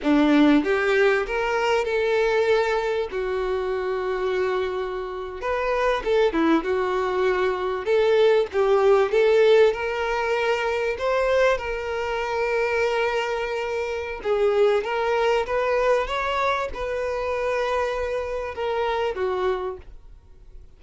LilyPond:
\new Staff \with { instrumentName = "violin" } { \time 4/4 \tempo 4 = 97 d'4 g'4 ais'4 a'4~ | a'4 fis'2.~ | fis'8. b'4 a'8 e'8 fis'4~ fis'16~ | fis'8. a'4 g'4 a'4 ais'16~ |
ais'4.~ ais'16 c''4 ais'4~ ais'16~ | ais'2. gis'4 | ais'4 b'4 cis''4 b'4~ | b'2 ais'4 fis'4 | }